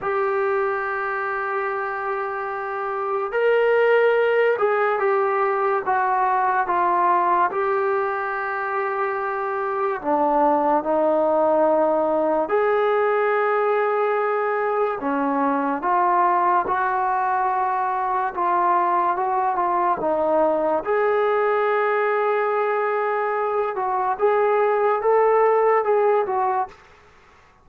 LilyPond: \new Staff \with { instrumentName = "trombone" } { \time 4/4 \tempo 4 = 72 g'1 | ais'4. gis'8 g'4 fis'4 | f'4 g'2. | d'4 dis'2 gis'4~ |
gis'2 cis'4 f'4 | fis'2 f'4 fis'8 f'8 | dis'4 gis'2.~ | gis'8 fis'8 gis'4 a'4 gis'8 fis'8 | }